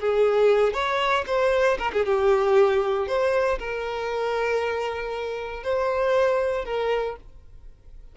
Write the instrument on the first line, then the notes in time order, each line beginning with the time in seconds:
violin
0.00 G#4
0.74 C#5
1.27 C5
1.79 A#4
1.93 G#4
2.06 G4
3.08 C5
3.59 A#4
5.64 C5
6.65 A#4